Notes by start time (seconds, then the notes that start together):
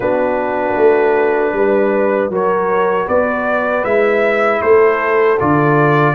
0.00 B3 D4 F#4 B4
0.76 A3
1.53 G3 B4
2.29 F#3 F#4 A#4 C#5
3.05 B3 B4 D5
3.83 G#3 E4 E5
4.61 A3 A4 C5
5.39 D3 F4 D5